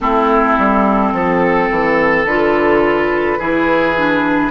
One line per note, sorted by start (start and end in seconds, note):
0.00 0.57 A3
0.00 2.27 C4
0.00 1.13 E4
0.00 2.26 A4
0.58 1.12 G3
1.12 1.69 F3
1.12 3.38 A4
1.71 2.25 E3
2.25 3.38 D3
2.25 3.39 F4
2.25 4.50 B4
3.38 4.50 E3
3.38 3.96 E4
3.38 4.50 G#4
3.96 4.50 D4